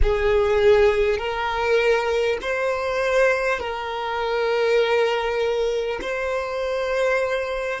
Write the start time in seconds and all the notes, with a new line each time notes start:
0.02 G#4
1.18 A#4
2.41 C5
3.59 A#4
6.01 C5